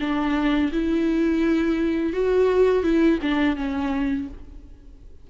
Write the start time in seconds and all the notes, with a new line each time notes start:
0.00 D4
0.72 E4
2.13 F#4
2.83 E4
3.22 D4
3.56 C#4